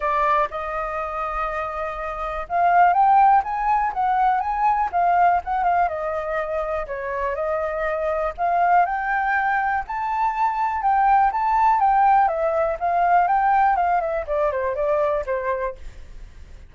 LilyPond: \new Staff \with { instrumentName = "flute" } { \time 4/4 \tempo 4 = 122 d''4 dis''2.~ | dis''4 f''4 g''4 gis''4 | fis''4 gis''4 f''4 fis''8 f''8 | dis''2 cis''4 dis''4~ |
dis''4 f''4 g''2 | a''2 g''4 a''4 | g''4 e''4 f''4 g''4 | f''8 e''8 d''8 c''8 d''4 c''4 | }